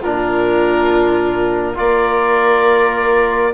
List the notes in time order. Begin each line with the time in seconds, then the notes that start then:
0.00 A#2 D4 F4 A#4
1.75 A#3 F4 A#4 D5